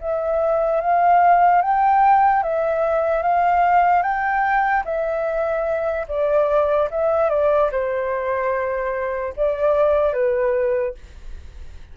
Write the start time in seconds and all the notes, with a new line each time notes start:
0.00 E5
0.80 F5
1.61 G5
2.42 E5
3.22 F5
4.02 G5
4.84 E5
6.08 D5
6.90 E5
7.29 D5
7.71 C5
9.36 D5
10.13 B4